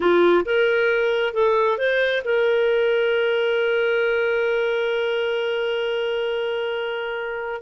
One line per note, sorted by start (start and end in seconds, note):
0.00 0.45 F4
0.45 1.33 A#4
1.33 1.78 A4
1.78 2.22 C5
2.24 7.61 A#4